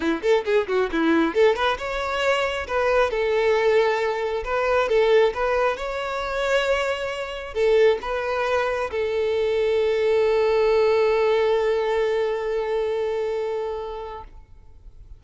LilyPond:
\new Staff \with { instrumentName = "violin" } { \time 4/4 \tempo 4 = 135 e'8 a'8 gis'8 fis'8 e'4 a'8 b'8 | cis''2 b'4 a'4~ | a'2 b'4 a'4 | b'4 cis''2.~ |
cis''4 a'4 b'2 | a'1~ | a'1~ | a'1 | }